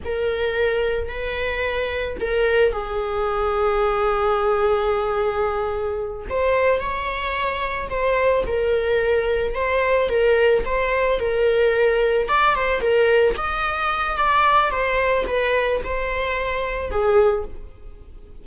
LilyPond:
\new Staff \with { instrumentName = "viola" } { \time 4/4 \tempo 4 = 110 ais'2 b'2 | ais'4 gis'2.~ | gis'2.~ gis'8 c''8~ | c''8 cis''2 c''4 ais'8~ |
ais'4. c''4 ais'4 c''8~ | c''8 ais'2 d''8 c''8 ais'8~ | ais'8 dis''4. d''4 c''4 | b'4 c''2 gis'4 | }